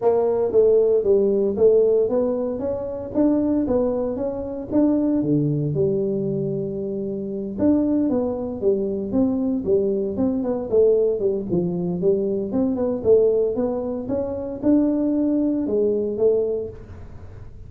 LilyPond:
\new Staff \with { instrumentName = "tuba" } { \time 4/4 \tempo 4 = 115 ais4 a4 g4 a4 | b4 cis'4 d'4 b4 | cis'4 d'4 d4 g4~ | g2~ g8 d'4 b8~ |
b8 g4 c'4 g4 c'8 | b8 a4 g8 f4 g4 | c'8 b8 a4 b4 cis'4 | d'2 gis4 a4 | }